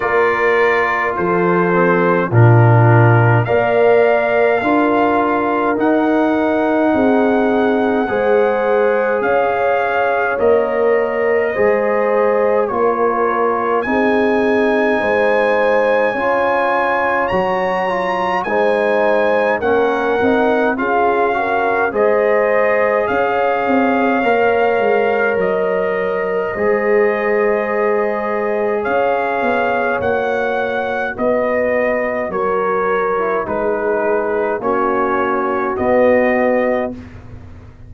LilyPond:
<<
  \new Staff \with { instrumentName = "trumpet" } { \time 4/4 \tempo 4 = 52 d''4 c''4 ais'4 f''4~ | f''4 fis''2. | f''4 dis''2 cis''4 | gis''2. ais''4 |
gis''4 fis''4 f''4 dis''4 | f''2 dis''2~ | dis''4 f''4 fis''4 dis''4 | cis''4 b'4 cis''4 dis''4 | }
  \new Staff \with { instrumentName = "horn" } { \time 4/4 ais'4 a'4 f'4 d''4 | ais'2 gis'4 c''4 | cis''2 c''4 ais'4 | gis'4 c''4 cis''2 |
c''4 ais'4 gis'8 ais'8 c''4 | cis''2. c''4~ | c''4 cis''2 b'4 | ais'4 gis'4 fis'2 | }
  \new Staff \with { instrumentName = "trombone" } { \time 4/4 f'4. c'8 d'4 ais'4 | f'4 dis'2 gis'4~ | gis'4 ais'4 gis'4 f'4 | dis'2 f'4 fis'8 f'8 |
dis'4 cis'8 dis'8 f'8 fis'8 gis'4~ | gis'4 ais'2 gis'4~ | gis'2 fis'2~ | fis'8. e'16 dis'4 cis'4 b4 | }
  \new Staff \with { instrumentName = "tuba" } { \time 4/4 ais4 f4 ais,4 ais4 | d'4 dis'4 c'4 gis4 | cis'4 ais4 gis4 ais4 | c'4 gis4 cis'4 fis4 |
gis4 ais8 c'8 cis'4 gis4 | cis'8 c'8 ais8 gis8 fis4 gis4~ | gis4 cis'8 b8 ais4 b4 | fis4 gis4 ais4 b4 | }
>>